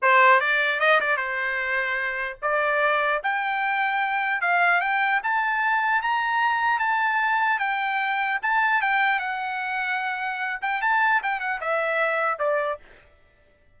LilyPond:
\new Staff \with { instrumentName = "trumpet" } { \time 4/4 \tempo 4 = 150 c''4 d''4 dis''8 d''8 c''4~ | c''2 d''2 | g''2. f''4 | g''4 a''2 ais''4~ |
ais''4 a''2 g''4~ | g''4 a''4 g''4 fis''4~ | fis''2~ fis''8 g''8 a''4 | g''8 fis''8 e''2 d''4 | }